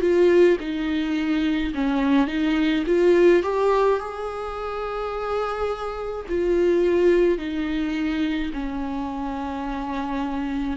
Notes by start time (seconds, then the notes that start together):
0.00 F4
0.60 D#4
1.74 C#4
2.27 D#4
2.86 F4
3.43 G4
3.99 G#4
6.28 F4
7.38 D#4
8.53 C#4